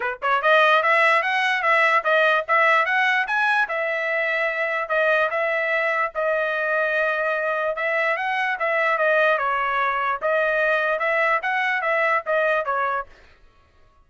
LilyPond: \new Staff \with { instrumentName = "trumpet" } { \time 4/4 \tempo 4 = 147 b'8 cis''8 dis''4 e''4 fis''4 | e''4 dis''4 e''4 fis''4 | gis''4 e''2. | dis''4 e''2 dis''4~ |
dis''2. e''4 | fis''4 e''4 dis''4 cis''4~ | cis''4 dis''2 e''4 | fis''4 e''4 dis''4 cis''4 | }